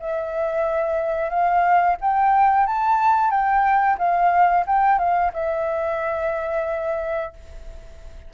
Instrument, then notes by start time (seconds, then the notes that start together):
flute
0.00 E5
1.30 F5
2.01 G5
2.67 A5
3.31 G5
3.98 F5
4.67 G5
4.99 F5
5.34 E5